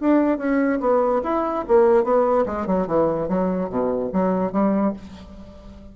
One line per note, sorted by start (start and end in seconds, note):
0.00 0.38 D4
0.38 0.79 C#4
0.80 1.21 B3
1.23 1.65 E4
1.67 2.04 A#3
2.04 2.45 B3
2.46 2.66 G#3
2.66 2.86 F#3
2.86 3.28 E3
3.28 3.69 F#3
3.69 4.11 B2
4.12 4.52 F#3
4.52 4.93 G3